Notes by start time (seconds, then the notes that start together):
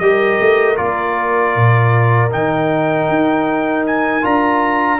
0.00 G3 G4 A#4 D#5
0.41 A3
0.76 A#3 F4 D5
1.56 A#2
2.31 D#3 D#4 G5
3.09 D#4
3.87 G#5
4.23 D4 F4 A#5